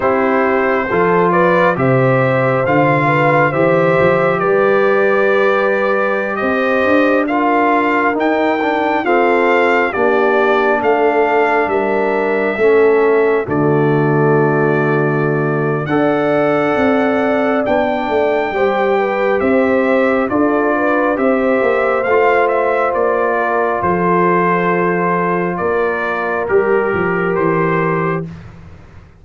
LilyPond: <<
  \new Staff \with { instrumentName = "trumpet" } { \time 4/4 \tempo 4 = 68 c''4. d''8 e''4 f''4 | e''4 d''2~ d''16 dis''8.~ | dis''16 f''4 g''4 f''4 d''8.~ | d''16 f''4 e''2 d''8.~ |
d''2 fis''2 | g''2 e''4 d''4 | e''4 f''8 e''8 d''4 c''4~ | c''4 d''4 ais'4 c''4 | }
  \new Staff \with { instrumentName = "horn" } { \time 4/4 g'4 a'8 b'8 c''4. b'8 | c''4 b'2~ b'16 c''8.~ | c''16 ais'2 a'4 g'8.~ | g'16 a'4 ais'4 a'4 fis'8.~ |
fis'2 d''2~ | d''4 c''8 b'8 c''4 a'8 b'8 | c''2~ c''8 ais'8 a'4~ | a'4 ais'2. | }
  \new Staff \with { instrumentName = "trombone" } { \time 4/4 e'4 f'4 g'4 f'4 | g'1~ | g'16 f'4 dis'8 d'8 c'4 d'8.~ | d'2~ d'16 cis'4 a8.~ |
a2 a'2 | d'4 g'2 f'4 | g'4 f'2.~ | f'2 g'2 | }
  \new Staff \with { instrumentName = "tuba" } { \time 4/4 c'4 f4 c4 d4 | e8 f8 g2~ g16 c'8 d'16~ | d'4~ d'16 dis'4 f'4 ais8.~ | ais16 a4 g4 a4 d8.~ |
d2 d'4 c'4 | b8 a8 g4 c'4 d'4 | c'8 ais8 a4 ais4 f4~ | f4 ais4 g8 f8 e4 | }
>>